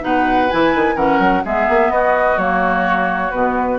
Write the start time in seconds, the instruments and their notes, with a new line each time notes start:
0.00 bassoon B2, clarinet D#4, oboe B4, flute F#5
0.50 bassoon E3, clarinet E4, flute G#5
0.74 bassoon D#3
0.95 bassoon E3, clarinet C#4, oboe A#4, flute F#5
1.18 bassoon F#3
1.44 bassoon G#3, clarinet B3, oboe G#4, flute E5
1.69 bassoon A#3
1.89 bassoon B3, oboe F#4, flute D#5
2.37 bassoon F#3, clarinet A#3, flute C#5
3.30 bassoon B2, clarinet B3, flute B4